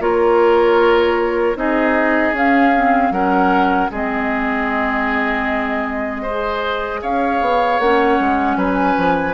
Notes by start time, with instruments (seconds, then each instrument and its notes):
0.00 bassoon A#3, clarinet F4, oboe A#4, flute C#5
1.56 bassoon C4, clarinet D#4, oboe G#4, flute D#5
2.33 bassoon C#4, clarinet C#4, flute F5
2.76 clarinet C4
3.11 bassoon F#3, clarinet C#4, oboe A#4, flute F#5
3.91 bassoon G#3, clarinet C4, oboe G#4, flute D#5
6.23 clarinet G#4, oboe C5
7.02 bassoon C#4, oboe C#5, flute F5
7.41 bassoon B3
7.80 bassoon A#3, clarinet C#4, flute F#5
8.20 bassoon G#3
8.57 bassoon F#3, oboe B4, flute G#5
8.98 bassoon F3